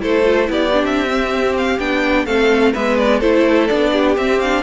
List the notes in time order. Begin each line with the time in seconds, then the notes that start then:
0.00 A3 E4 A4 C5
0.24 F4
0.47 B3 E4 G4 D5
0.73 D4
0.84 C4 E5
1.07 C4
1.58 F5
1.79 B3 D4 G5
2.26 A3 C4 A4 F5
2.73 G#3 B3 B4 E5
2.98 D5
3.19 A3 E4 A4 C5
3.68 B3 D4 D5
3.92 G4
4.17 C4 E5
4.41 D4 F5